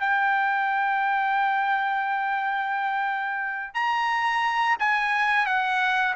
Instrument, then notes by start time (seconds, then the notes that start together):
trumpet
0.00 G5
3.75 A#5
4.80 G#5
5.47 F#5